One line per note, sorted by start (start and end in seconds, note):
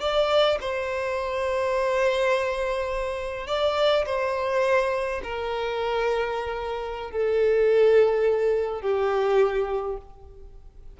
0.00 0.58 D5
0.60 3.47 C5
3.47 4.05 D5
4.06 5.21 C5
5.23 7.11 A#4
7.11 8.81 A4
8.81 9.97 G4